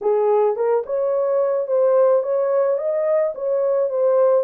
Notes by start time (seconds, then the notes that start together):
0.01 G#4
0.56 A#4
0.85 C#5
1.67 C5
2.22 C#5
2.78 D#5
3.35 C#5
3.89 C5